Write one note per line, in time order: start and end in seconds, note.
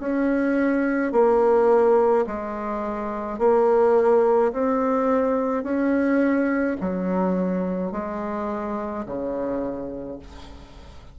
0.00 1.13 C#4
1.13 2.26 A#3
2.27 3.39 G#3
3.39 4.52 A#3
4.53 5.64 C4
5.64 6.77 C#4
6.81 7.92 F#3
7.92 9.05 G#3
9.06 10.19 C#3